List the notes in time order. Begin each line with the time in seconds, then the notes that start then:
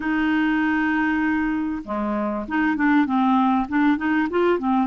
0.00 D#4
1.84 G#3
2.48 D#4
2.76 D4
3.05 C4
3.68 D4
3.97 D#4
4.30 F4
4.59 C4